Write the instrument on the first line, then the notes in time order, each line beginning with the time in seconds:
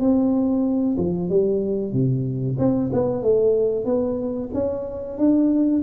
tuba
0.00 C4
0.98 F3
1.30 G3
1.93 C3
2.59 C4
2.93 B3
3.23 A3
3.85 B3
4.54 C#4
5.18 D4